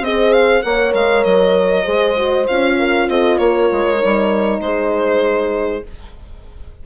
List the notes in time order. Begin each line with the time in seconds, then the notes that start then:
0.00 C4 G#4 C5 D#5
0.33 F5
0.62 A#3 A#4 C#5 F#5
0.93 G#3 F5
1.24 F#3 D#5
1.83 G#3 G#4 C5
2.16 F#4
2.47 C#4 F4 F5
2.78 A#4
3.08 C4 A4 D#5
3.37 A#3 A#4 C#5
3.72 G#3
3.98 G3 D#4
4.60 G#3 G#4 C5